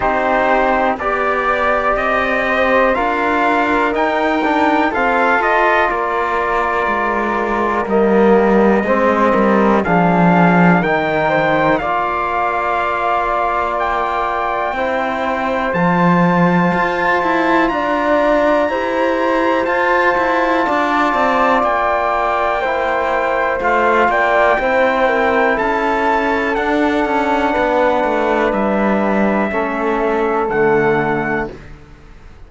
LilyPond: <<
  \new Staff \with { instrumentName = "trumpet" } { \time 4/4 \tempo 4 = 61 c''4 d''4 dis''4 f''4 | g''4 f''8 dis''8 d''2 | dis''2 f''4 g''4 | f''2 g''2 |
a''2 ais''2 | a''2 g''2 | f''8 g''4. a''4 fis''4~ | fis''4 e''2 fis''4 | }
  \new Staff \with { instrumentName = "flute" } { \time 4/4 g'4 d''4. c''8 ais'4~ | ais'4 a'4 ais'2~ | ais'4 c''8 ais'8 gis'4 ais'8 c''8 | d''2. c''4~ |
c''2 d''4 c''4~ | c''4 d''2 c''4~ | c''8 d''8 c''8 ais'8 a'2 | b'2 a'2 | }
  \new Staff \with { instrumentName = "trombone" } { \time 4/4 dis'4 g'2 f'4 | dis'8 d'8 c'8 f'2~ f'8 | ais4 c'4 d'4 dis'4 | f'2. e'4 |
f'2. g'4 | f'2. e'4 | f'4 e'2 d'4~ | d'2 cis'4 a4 | }
  \new Staff \with { instrumentName = "cello" } { \time 4/4 c'4 b4 c'4 d'4 | dis'4 f'4 ais4 gis4 | g4 gis8 g8 f4 dis4 | ais2. c'4 |
f4 f'8 e'8 d'4 e'4 | f'8 e'8 d'8 c'8 ais2 | a8 ais8 c'4 cis'4 d'8 cis'8 | b8 a8 g4 a4 d4 | }
>>